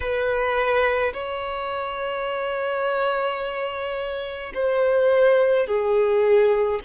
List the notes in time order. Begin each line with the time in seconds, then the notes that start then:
0.00 B4
1.13 C#5
4.54 C5
5.66 G#4